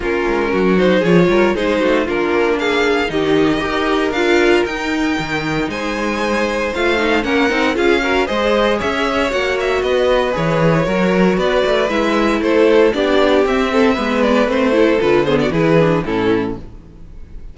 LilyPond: <<
  \new Staff \with { instrumentName = "violin" } { \time 4/4 \tempo 4 = 116 ais'4. c''8 cis''4 c''4 | ais'4 f''4 dis''2 | f''4 g''2 gis''4~ | gis''4 f''4 fis''4 f''4 |
dis''4 e''4 fis''8 e''8 dis''4 | cis''2 d''4 e''4 | c''4 d''4 e''4. d''8 | c''4 b'8 c''16 d''16 b'4 a'4 | }
  \new Staff \with { instrumentName = "violin" } { \time 4/4 f'4 fis'4 gis'8 ais'8 gis'8 fis'8 | f'4 gis'4 g'4 ais'4~ | ais'2. c''4~ | c''2 ais'4 gis'8 ais'8 |
c''4 cis''2 b'4~ | b'4 ais'4 b'2 | a'4 g'4. a'8 b'4~ | b'8 a'4 gis'16 fis'16 gis'4 e'4 | }
  \new Staff \with { instrumentName = "viola" } { \time 4/4 cis'4. dis'8 f'4 dis'4 | d'2 dis'4 g'4 | f'4 dis'2.~ | dis'4 f'8 dis'8 cis'8 dis'8 f'8 fis'8 |
gis'2 fis'2 | gis'4 fis'2 e'4~ | e'4 d'4 c'4 b4 | c'8 e'8 f'8 b8 e'8 d'8 cis'4 | }
  \new Staff \with { instrumentName = "cello" } { \time 4/4 ais8 gis8 fis4 f8 g8 gis8 a8 | ais2 dis4 dis'4 | d'4 dis'4 dis4 gis4~ | gis4 a4 ais8 c'8 cis'4 |
gis4 cis'4 ais4 b4 | e4 fis4 b8 a8 gis4 | a4 b4 c'4 gis4 | a4 d4 e4 a,4 | }
>>